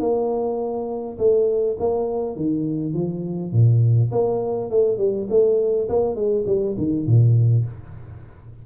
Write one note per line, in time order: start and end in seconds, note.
0.00 1.18 A#3
1.18 1.77 A3
1.79 2.36 A#3
2.36 2.94 D#3
2.94 3.52 F3
3.52 4.11 A#2
4.11 4.70 A#3
4.71 4.98 A3
4.98 5.27 G3
5.30 5.89 A3
5.89 6.15 A#3
6.15 6.44 G#3
6.46 6.76 G3
6.78 7.06 D#3
7.06 7.65 A#2